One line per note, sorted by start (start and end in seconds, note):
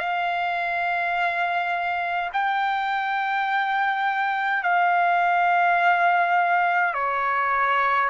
0.00 2.31 F5
2.33 4.64 G5
4.64 6.94 F5
6.94 8.10 C#5